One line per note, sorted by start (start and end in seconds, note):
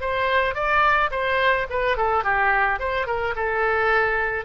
0.00 0.54 C5
0.54 1.10 D5
1.11 1.66 C5
1.69 1.97 B4
1.97 2.23 A4
2.23 2.79 G4
2.79 3.06 C5
3.06 3.34 A#4
3.36 4.45 A4